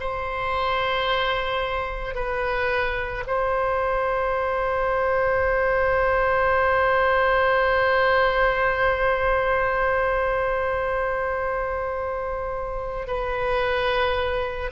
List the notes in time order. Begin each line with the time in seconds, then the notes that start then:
0.00 C5
2.15 B4
3.27 C5
13.08 B4